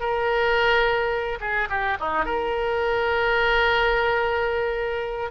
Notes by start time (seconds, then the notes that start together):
0.00 A#4
1.41 G#4
1.70 G4
2.01 D#4
2.26 A#4